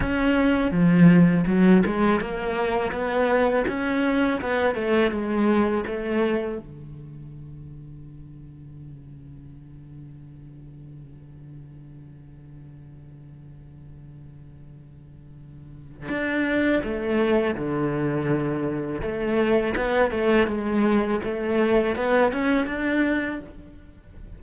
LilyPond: \new Staff \with { instrumentName = "cello" } { \time 4/4 \tempo 4 = 82 cis'4 f4 fis8 gis8 ais4 | b4 cis'4 b8 a8 gis4 | a4 d2.~ | d1~ |
d1~ | d2 d'4 a4 | d2 a4 b8 a8 | gis4 a4 b8 cis'8 d'4 | }